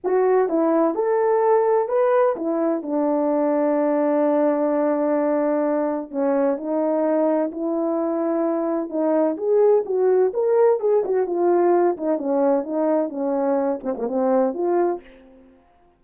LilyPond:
\new Staff \with { instrumentName = "horn" } { \time 4/4 \tempo 4 = 128 fis'4 e'4 a'2 | b'4 e'4 d'2~ | d'1~ | d'4 cis'4 dis'2 |
e'2. dis'4 | gis'4 fis'4 ais'4 gis'8 fis'8 | f'4. dis'8 cis'4 dis'4 | cis'4. c'16 ais16 c'4 f'4 | }